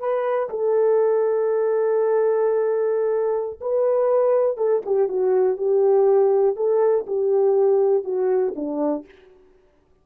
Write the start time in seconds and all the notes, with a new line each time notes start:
0.00 B4
0.50 A4
3.62 B4
4.58 A4
4.86 G4
5.09 F#4
5.58 G4
6.57 A4
7.07 G4
8.04 F#4
8.56 D4